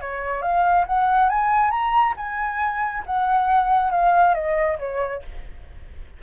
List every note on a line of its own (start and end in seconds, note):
0.00 0.42 C#5
0.42 0.85 F5
0.87 1.29 F#5
1.29 1.71 G#5
1.71 2.14 A#5
2.17 3.04 G#5
3.06 3.91 F#5
3.91 4.34 F5
4.34 4.78 D#5
4.79 5.22 C#5